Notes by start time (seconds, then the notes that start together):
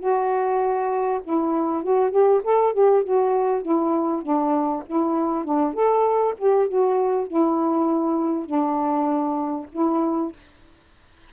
0.00 F#4
1.24 E4
1.84 F#4
2.12 G4
2.44 A4
2.74 G4
3.04 F#4
3.63 E4
4.23 D4
4.87 E4
5.45 D4
5.74 A4
6.39 G4
6.68 F#4
7.28 E4
8.46 D4
9.72 E4